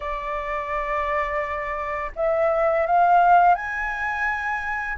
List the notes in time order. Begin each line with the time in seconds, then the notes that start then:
0.00 D5
2.15 E5
2.86 F5
3.55 G#5